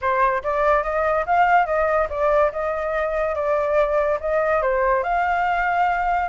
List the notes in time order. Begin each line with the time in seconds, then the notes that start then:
0.01 C5
0.43 D5
0.83 D#5
1.26 F5
1.66 D#5
2.09 D5
2.52 D#5
3.35 D5
4.20 D#5
4.62 C5
5.03 F5